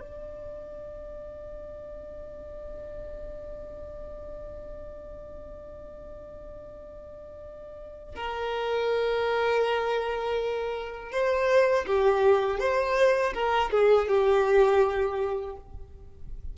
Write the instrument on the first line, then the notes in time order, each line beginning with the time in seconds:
violin
0.00 D5
8.15 A#4
11.11 C5
11.86 G4
12.59 C5
13.33 A#4
13.71 G#4
14.08 G4